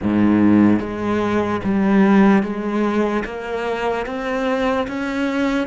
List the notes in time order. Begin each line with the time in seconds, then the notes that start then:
0.02 G#2
0.79 G#3
1.64 G3
2.42 G#3
3.24 A#3
4.06 C4
4.87 C#4